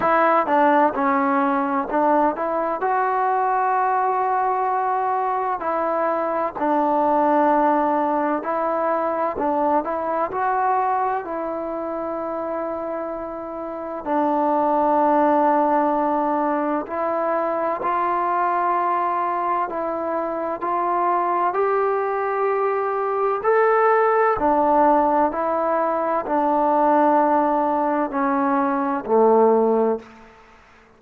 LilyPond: \new Staff \with { instrumentName = "trombone" } { \time 4/4 \tempo 4 = 64 e'8 d'8 cis'4 d'8 e'8 fis'4~ | fis'2 e'4 d'4~ | d'4 e'4 d'8 e'8 fis'4 | e'2. d'4~ |
d'2 e'4 f'4~ | f'4 e'4 f'4 g'4~ | g'4 a'4 d'4 e'4 | d'2 cis'4 a4 | }